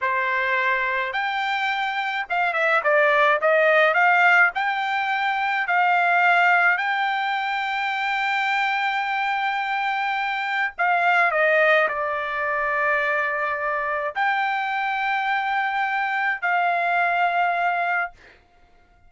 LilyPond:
\new Staff \with { instrumentName = "trumpet" } { \time 4/4 \tempo 4 = 106 c''2 g''2 | f''8 e''8 d''4 dis''4 f''4 | g''2 f''2 | g''1~ |
g''2. f''4 | dis''4 d''2.~ | d''4 g''2.~ | g''4 f''2. | }